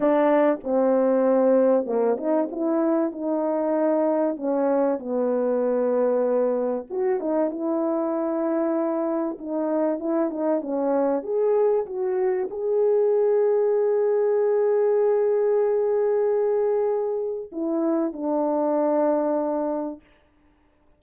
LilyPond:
\new Staff \with { instrumentName = "horn" } { \time 4/4 \tempo 4 = 96 d'4 c'2 ais8 dis'8 | e'4 dis'2 cis'4 | b2. fis'8 dis'8 | e'2. dis'4 |
e'8 dis'8 cis'4 gis'4 fis'4 | gis'1~ | gis'1 | e'4 d'2. | }